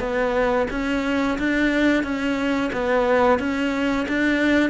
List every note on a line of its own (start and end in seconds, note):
0.00 0.67 B3
0.71 1.39 C#4
1.39 2.04 D4
2.04 2.71 C#4
2.73 3.40 B3
3.40 4.07 C#4
4.09 4.71 D4